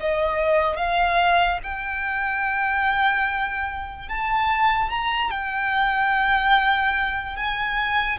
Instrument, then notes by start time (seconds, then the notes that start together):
violin
0.00 D#5
0.77 F5
1.63 G5
4.09 A5
4.90 A#5
5.31 G5
7.36 G#5